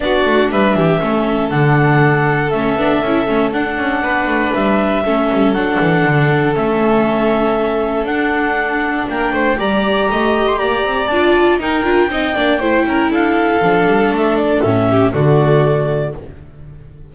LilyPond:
<<
  \new Staff \with { instrumentName = "clarinet" } { \time 4/4 \tempo 4 = 119 d''4 e''2 fis''4~ | fis''4 e''2 fis''4~ | fis''4 e''2 fis''4~ | fis''4 e''2. |
fis''2 g''4 ais''4~ | ais''8. c'''16 ais''4 a''4 g''4~ | g''2 f''2 | e''8 d''8 e''4 d''2 | }
  \new Staff \with { instrumentName = "violin" } { \time 4/4 fis'4 b'8 g'8 a'2~ | a'1 | b'2 a'2~ | a'1~ |
a'2 ais'8 c''8 d''4 | dis''4 d''2 ais'4 | dis''8 d''8 c''8 ais'8 a'2~ | a'4. g'8 fis'2 | }
  \new Staff \with { instrumentName = "viola" } { \time 4/4 d'2 cis'4 d'4~ | d'4 cis'8 d'8 e'8 cis'8 d'4~ | d'2 cis'4 d'4~ | d'4 cis'2. |
d'2. g'4~ | g'2 f'4 dis'8 f'8 | dis'8 d'8 e'2 d'4~ | d'4 cis'4 a2 | }
  \new Staff \with { instrumentName = "double bass" } { \time 4/4 b8 a8 g8 e8 a4 d4~ | d4 a8 b8 cis'8 a8 d'8 cis'8 | b8 a8 g4 a8 g8 fis8 e8 | d4 a2. |
d'2 ais8 a8 g4 | a4 ais8 c'8 d'4 dis'8 d'8 | c'8 ais8 a8 cis'8 d'4 f8 g8 | a4 a,4 d2 | }
>>